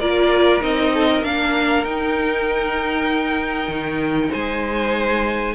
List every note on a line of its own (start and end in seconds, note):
0.00 0.62 A#3
0.00 0.61 F4
0.00 0.93 A#4
0.00 0.62 D5
0.61 1.23 C4
0.61 1.23 D#4
0.61 1.24 D#5
0.94 1.09 A4
1.09 4.31 A#4
1.23 1.84 A#3
1.23 1.86 D4
1.23 1.84 F5
1.84 3.68 D#4
1.84 5.55 D#4
1.84 4.32 G5
3.68 4.30 D#3
4.31 5.55 G#3
4.31 5.54 C5
4.31 5.55 G#5